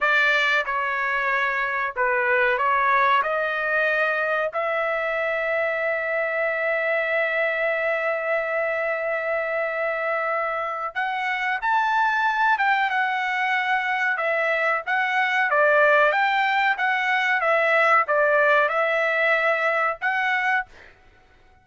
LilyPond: \new Staff \with { instrumentName = "trumpet" } { \time 4/4 \tempo 4 = 93 d''4 cis''2 b'4 | cis''4 dis''2 e''4~ | e''1~ | e''1~ |
e''4 fis''4 a''4. g''8 | fis''2 e''4 fis''4 | d''4 g''4 fis''4 e''4 | d''4 e''2 fis''4 | }